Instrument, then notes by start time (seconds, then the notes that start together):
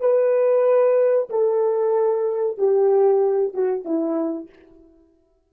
horn
0.00 B4
1.29 A4
2.57 G4
3.54 F#4
3.85 E4